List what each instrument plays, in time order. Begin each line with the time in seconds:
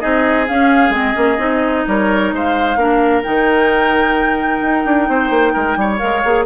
0.00 bassoon C4, clarinet D#4, oboe G#4, flute D#5
0.47 clarinet C#4, bassoon C#4, flute F5
0.90 bassoon G#3, clarinet C4, flute D#5
1.14 bassoon A#3, clarinet C#4
1.38 bassoon C4, clarinet D#4
1.87 bassoon G3, oboe A#4, flute C#5
2.32 bassoon G#3, oboe C5, flute F5
2.76 bassoon A#3, clarinet D4, oboe A#4
3.23 bassoon D#3, clarinet D#4, flute G5
4.61 bassoon D#4
4.85 bassoon D4
5.08 bassoon C4, oboe C5
5.30 bassoon A#3
5.53 bassoon G#3, oboe A#4
5.77 bassoon G3, oboe C#5
5.98 bassoon G#3, clarinet A#4, flute F5
6.24 bassoon A#3, clarinet G#4